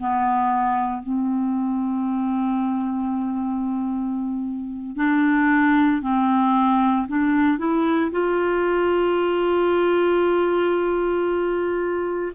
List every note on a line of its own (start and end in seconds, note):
0.00 1.03 B3
1.03 4.96 C4
4.96 6.01 D4
6.02 7.07 C4
7.08 7.58 D4
7.58 8.11 E4
8.11 12.33 F4